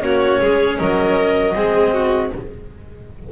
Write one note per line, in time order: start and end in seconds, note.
0.00 0.39 A#3
0.00 1.52 C#4
0.00 0.40 F#4
0.00 0.78 C#5
0.40 0.78 G#3
0.40 0.78 G#4
0.78 1.55 F#3
0.78 1.54 A#4
0.78 2.30 D#5
1.55 2.31 G#3
1.55 2.31 C4
1.55 1.93 G#4
1.93 2.31 F#4